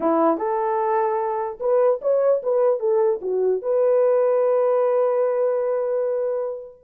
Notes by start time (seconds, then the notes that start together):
0.00 E4
0.37 A4
1.60 B4
2.01 C#5
2.43 B4
2.79 A4
3.21 F#4
3.62 B4